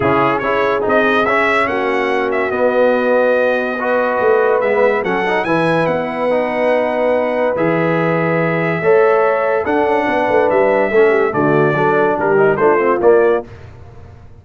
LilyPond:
<<
  \new Staff \with { instrumentName = "trumpet" } { \time 4/4 \tempo 4 = 143 gis'4 cis''4 dis''4 e''4 | fis''4. e''8 dis''2~ | dis''2. e''4 | fis''4 gis''4 fis''2~ |
fis''2 e''2~ | e''2. fis''4~ | fis''4 e''2 d''4~ | d''4 ais'4 c''4 d''4 | }
  \new Staff \with { instrumentName = "horn" } { \time 4/4 e'4 gis'2. | fis'1~ | fis'4 b'2. | a'4 b'2.~ |
b'1~ | b'4 cis''2 a'4 | b'2 a'8 g'8 fis'4 | a'4 g'4 f'2 | }
  \new Staff \with { instrumentName = "trombone" } { \time 4/4 cis'4 e'4 dis'4 cis'4~ | cis'2 b2~ | b4 fis'2 b4 | cis'8 dis'8 e'2 dis'4~ |
dis'2 gis'2~ | gis'4 a'2 d'4~ | d'2 cis'4 a4 | d'4. dis'8 d'8 c'8 ais4 | }
  \new Staff \with { instrumentName = "tuba" } { \time 4/4 cis4 cis'4 c'4 cis'4 | ais2 b2~ | b2 a4 gis4 | fis4 e4 b2~ |
b2 e2~ | e4 a2 d'8 cis'8 | b8 a8 g4 a4 d4 | fis4 g4 a4 ais4 | }
>>